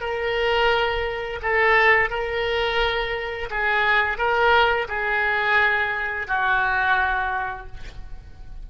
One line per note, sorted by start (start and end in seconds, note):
0.00 1.40 A#4
1.42 2.10 A4
2.10 3.49 A#4
3.50 4.18 G#4
4.18 4.87 A#4
4.88 6.27 G#4
6.27 7.67 F#4